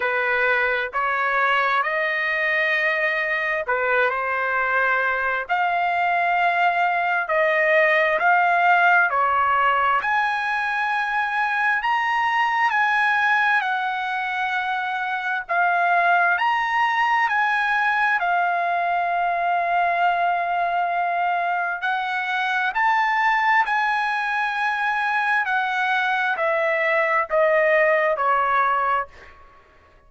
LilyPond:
\new Staff \with { instrumentName = "trumpet" } { \time 4/4 \tempo 4 = 66 b'4 cis''4 dis''2 | b'8 c''4. f''2 | dis''4 f''4 cis''4 gis''4~ | gis''4 ais''4 gis''4 fis''4~ |
fis''4 f''4 ais''4 gis''4 | f''1 | fis''4 a''4 gis''2 | fis''4 e''4 dis''4 cis''4 | }